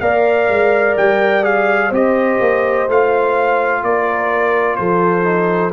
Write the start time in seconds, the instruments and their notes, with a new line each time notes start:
0.00 tuba A#3, trombone A#4, horn D5, trumpet F5
0.49 tuba G#3
0.97 tuba G3, trumpet G5
1.42 trombone G#4, trumpet F5
1.89 tuba C4, trombone G4, horn C5, trumpet D#5
2.40 tuba A#3
2.88 tuba A3, trombone F4, trumpet F5
3.83 tuba A#3, horn A#4, trumpet D5
4.76 tuba F3, horn A4, trumpet C5
5.23 trombone D#4